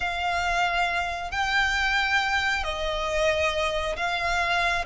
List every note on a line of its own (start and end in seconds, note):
0.00 1.31 F5
1.31 2.63 G5
2.63 3.95 D#5
3.96 4.84 F5